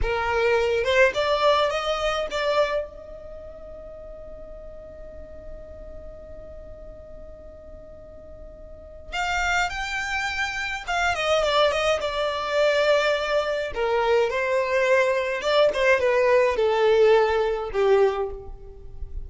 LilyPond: \new Staff \with { instrumentName = "violin" } { \time 4/4 \tempo 4 = 105 ais'4. c''8 d''4 dis''4 | d''4 dis''2.~ | dis''1~ | dis''1 |
f''4 g''2 f''8 dis''8 | d''8 dis''8 d''2. | ais'4 c''2 d''8 c''8 | b'4 a'2 g'4 | }